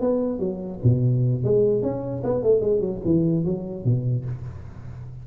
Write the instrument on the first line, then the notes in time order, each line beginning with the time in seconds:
tuba
0.00 B3
0.39 F#3
0.83 B2
1.44 G#3
1.82 C#4
2.23 B3
2.43 A3
2.60 G#3
2.80 F#3
3.04 E3
3.44 F#3
3.84 B2